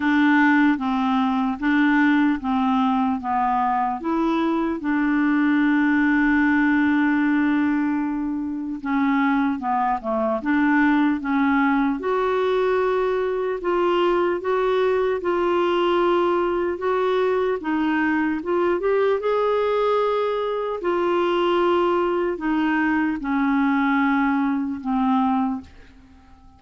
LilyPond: \new Staff \with { instrumentName = "clarinet" } { \time 4/4 \tempo 4 = 75 d'4 c'4 d'4 c'4 | b4 e'4 d'2~ | d'2. cis'4 | b8 a8 d'4 cis'4 fis'4~ |
fis'4 f'4 fis'4 f'4~ | f'4 fis'4 dis'4 f'8 g'8 | gis'2 f'2 | dis'4 cis'2 c'4 | }